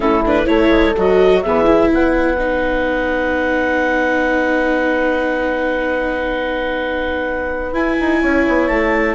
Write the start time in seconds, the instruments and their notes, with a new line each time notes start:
0.00 bassoon A2, viola C#4, horn E4, clarinet A4
0.25 viola D4, clarinet B4
0.45 bassoon A3, viola E4, horn A4, clarinet C#5
0.69 bassoon G#3
0.96 bassoon F#3, viola F#4, clarinet D#5
1.42 bassoon E3, viola B3, horn G#4, clarinet E5
1.65 viola E4
1.89 bassoon B3, horn B4, clarinet F#5
2.38 viola D#4
7.72 bassoon E4, viola E4, clarinet G#5
8.00 bassoon D#4
8.21 bassoon C#4, horn C#5
8.47 bassoon B3
8.67 bassoon A3, clarinet A5